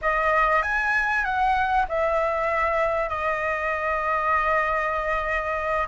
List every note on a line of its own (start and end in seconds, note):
0.01 0.62 D#5
0.62 1.24 G#5
1.24 1.86 F#5
1.88 3.09 E5
3.09 5.87 D#5